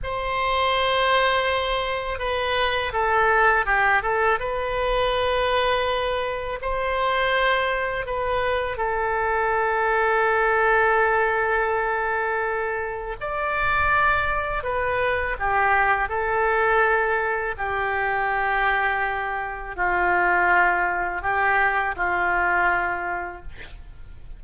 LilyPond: \new Staff \with { instrumentName = "oboe" } { \time 4/4 \tempo 4 = 82 c''2. b'4 | a'4 g'8 a'8 b'2~ | b'4 c''2 b'4 | a'1~ |
a'2 d''2 | b'4 g'4 a'2 | g'2. f'4~ | f'4 g'4 f'2 | }